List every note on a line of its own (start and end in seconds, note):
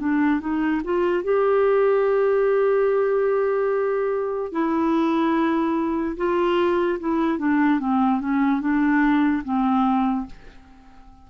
0.00 0.41 D4
0.41 0.82 D#4
0.84 1.24 F4
1.24 4.52 G4
4.52 6.17 E4
6.17 6.99 F4
7.00 7.39 E4
7.39 7.80 D4
7.80 8.21 C4
8.21 8.61 C#4
8.61 9.43 D4
9.44 10.27 C4